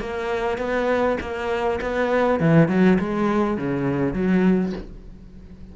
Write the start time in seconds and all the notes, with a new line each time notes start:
0.00 A#3
0.58 B3
1.20 A#3
1.81 B3
2.40 E3
2.68 F#3
2.99 G#3
3.57 C#3
4.13 F#3